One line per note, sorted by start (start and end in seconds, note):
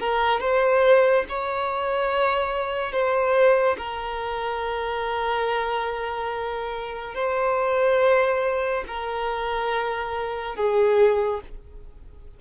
0.00 0.41 A#4
0.41 1.25 C5
1.29 2.93 C#5
2.93 3.77 C5
3.78 7.15 A#4
7.15 8.84 C5
8.88 10.56 A#4
10.56 11.41 G#4